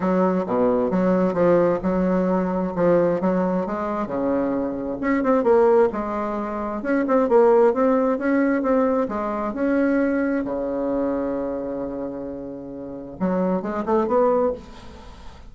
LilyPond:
\new Staff \with { instrumentName = "bassoon" } { \time 4/4 \tempo 4 = 132 fis4 b,4 fis4 f4 | fis2 f4 fis4 | gis4 cis2 cis'8 c'8 | ais4 gis2 cis'8 c'8 |
ais4 c'4 cis'4 c'4 | gis4 cis'2 cis4~ | cis1~ | cis4 fis4 gis8 a8 b4 | }